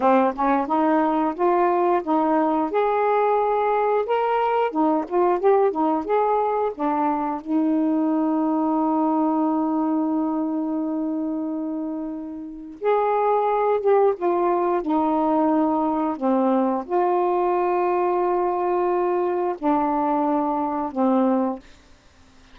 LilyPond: \new Staff \with { instrumentName = "saxophone" } { \time 4/4 \tempo 4 = 89 c'8 cis'8 dis'4 f'4 dis'4 | gis'2 ais'4 dis'8 f'8 | g'8 dis'8 gis'4 d'4 dis'4~ | dis'1~ |
dis'2. gis'4~ | gis'8 g'8 f'4 dis'2 | c'4 f'2.~ | f'4 d'2 c'4 | }